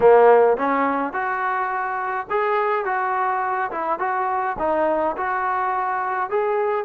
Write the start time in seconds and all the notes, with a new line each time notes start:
0.00 A#3
0.57 C#4
1.12 F#4
2.29 G#4
2.85 F#4
3.71 E4
3.99 F#4
4.58 D#4
5.16 F#4
6.30 G#4